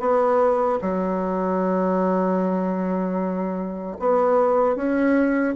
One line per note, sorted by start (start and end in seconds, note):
0.00 0.79 B3
0.81 3.97 F#3
3.99 4.76 B3
4.76 5.55 C#4